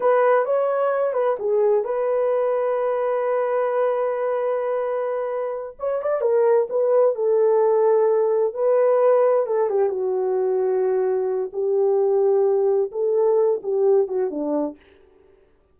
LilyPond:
\new Staff \with { instrumentName = "horn" } { \time 4/4 \tempo 4 = 130 b'4 cis''4. b'8 gis'4 | b'1~ | b'1~ | b'8 cis''8 d''8 ais'4 b'4 a'8~ |
a'2~ a'8 b'4.~ | b'8 a'8 g'8 fis'2~ fis'8~ | fis'4 g'2. | a'4. g'4 fis'8 d'4 | }